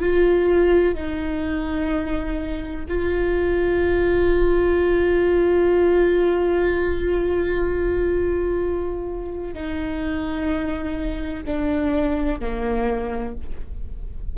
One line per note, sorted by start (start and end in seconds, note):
0.00 0.95 F4
0.95 2.86 D#4
2.89 9.55 F4
9.55 11.45 D#4
11.45 12.40 D4
12.40 13.35 A#3